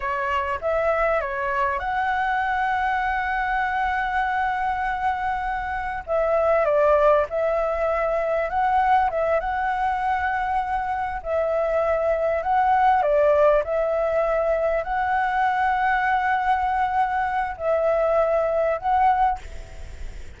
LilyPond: \new Staff \with { instrumentName = "flute" } { \time 4/4 \tempo 4 = 99 cis''4 e''4 cis''4 fis''4~ | fis''1~ | fis''2 e''4 d''4 | e''2 fis''4 e''8 fis''8~ |
fis''2~ fis''8 e''4.~ | e''8 fis''4 d''4 e''4.~ | e''8 fis''2.~ fis''8~ | fis''4 e''2 fis''4 | }